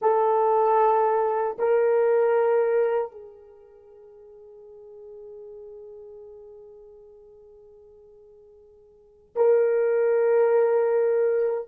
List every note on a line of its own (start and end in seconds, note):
0.01 1.57 A4
1.58 3.11 A#4
3.11 9.35 G#4
9.35 11.68 A#4